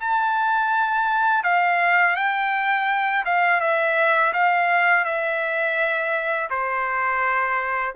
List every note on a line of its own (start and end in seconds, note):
0.00 1.44 A5
1.44 2.16 F5
2.16 3.24 G5
3.25 3.60 F5
3.60 4.32 E5
4.33 5.05 F5
5.05 6.49 E5
6.50 7.95 C5